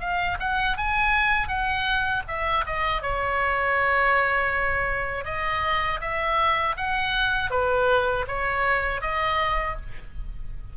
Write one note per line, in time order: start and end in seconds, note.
0.00 0.38 F5
0.40 0.77 F#5
0.77 1.48 G#5
1.48 2.23 F#5
2.27 2.65 E5
2.66 3.02 D#5
3.02 5.25 C#5
5.25 6.00 D#5
6.01 6.76 E5
6.77 7.50 F#5
7.50 8.25 B4
8.27 9.01 C#5
9.01 9.76 D#5